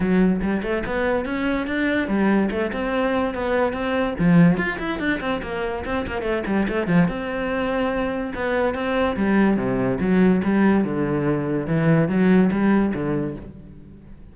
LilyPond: \new Staff \with { instrumentName = "cello" } { \time 4/4 \tempo 4 = 144 fis4 g8 a8 b4 cis'4 | d'4 g4 a8 c'4. | b4 c'4 f4 f'8 e'8 | d'8 c'8 ais4 c'8 ais8 a8 g8 |
a8 f8 c'2. | b4 c'4 g4 c4 | fis4 g4 d2 | e4 fis4 g4 d4 | }